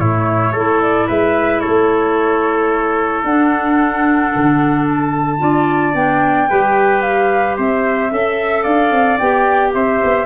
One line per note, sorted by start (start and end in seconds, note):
0.00 0.53 A2
0.00 0.56 A3
0.00 0.52 E4
0.00 0.81 C#5
0.52 1.07 A3
0.52 3.27 E4
0.52 1.07 A4
0.82 1.09 D5
1.07 1.64 G#3
1.07 1.61 B4
1.07 1.60 E5
1.60 5.40 A4
1.60 3.23 C#5
1.67 3.24 A3
3.24 4.32 D4
3.24 5.39 D4
3.24 4.86 F#5
4.36 5.42 D3
4.89 5.96 A5
5.39 5.95 D4
5.39 5.93 F4
5.39 6.50 D5
5.95 6.49 B3
5.95 6.49 D4
5.95 7.02 G5
6.50 7.58 G3
6.50 8.11 G4
6.50 7.57 B4
7.02 7.56 F5
7.57 8.12 C4
7.57 8.11 C5
7.57 8.64 E5
8.11 8.66 C#4
8.11 9.19 A4
8.11 8.63 E5
8.63 8.92 D4
8.63 9.71 D5
8.63 9.18 F5
8.92 9.19 C4
9.19 9.75 B3
9.19 10.26 G4
9.19 9.73 G5
9.75 10.02 C4
9.75 10.26 C5
9.75 10.26 E5
10.04 10.26 B3